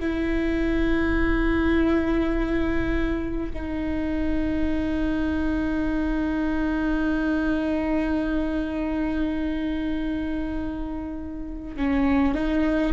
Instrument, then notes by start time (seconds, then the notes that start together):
viola
0.00 E4
3.53 D#4
11.77 C#4
12.34 D#4